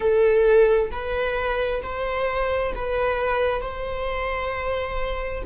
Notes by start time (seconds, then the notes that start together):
0.00 A4
0.91 B4
1.82 C5
2.75 B4
3.61 C5